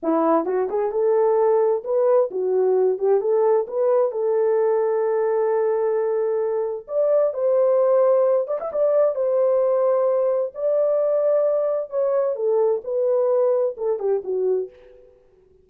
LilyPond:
\new Staff \with { instrumentName = "horn" } { \time 4/4 \tempo 4 = 131 e'4 fis'8 gis'8 a'2 | b'4 fis'4. g'8 a'4 | b'4 a'2.~ | a'2. d''4 |
c''2~ c''8 d''16 e''16 d''4 | c''2. d''4~ | d''2 cis''4 a'4 | b'2 a'8 g'8 fis'4 | }